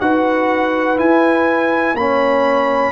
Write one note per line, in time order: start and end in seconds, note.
0.00 0.99 D#4
0.00 0.97 F#4
0.00 1.98 B4
0.00 0.98 F#5
0.97 1.95 E4
0.97 1.94 E4
0.97 1.96 G#5
1.94 2.92 A#3
1.94 2.92 C#4
1.94 2.92 C#5
1.94 2.92 B5